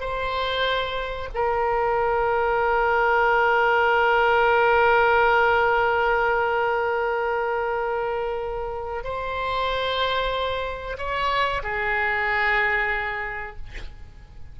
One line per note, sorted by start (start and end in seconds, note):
0.00 1.29 C5
1.34 9.04 A#4
9.04 10.97 C5
10.98 11.62 C#5
11.63 13.57 G#4